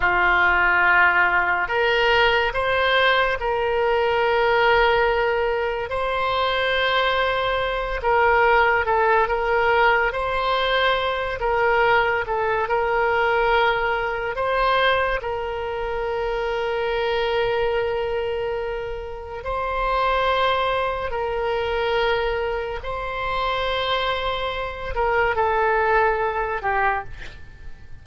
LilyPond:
\new Staff \with { instrumentName = "oboe" } { \time 4/4 \tempo 4 = 71 f'2 ais'4 c''4 | ais'2. c''4~ | c''4. ais'4 a'8 ais'4 | c''4. ais'4 a'8 ais'4~ |
ais'4 c''4 ais'2~ | ais'2. c''4~ | c''4 ais'2 c''4~ | c''4. ais'8 a'4. g'8 | }